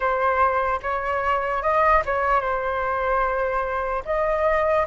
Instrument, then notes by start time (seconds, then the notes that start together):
flute
0.00 C5
0.82 C#5
1.62 D#5
2.05 C#5
2.41 C5
4.05 D#5